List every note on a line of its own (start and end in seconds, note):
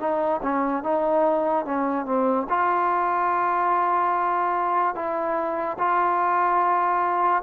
0.00 0.41 D#4
0.43 0.84 C#4
0.84 1.66 D#4
1.66 2.06 C#4
2.06 2.47 C4
2.50 4.95 F4
4.95 5.78 E4
5.79 7.43 F4